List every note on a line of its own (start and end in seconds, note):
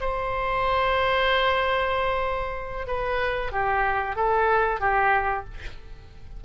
0.00 2.87 C5
2.87 3.52 B4
3.52 4.16 G4
4.16 4.80 A4
4.80 5.45 G4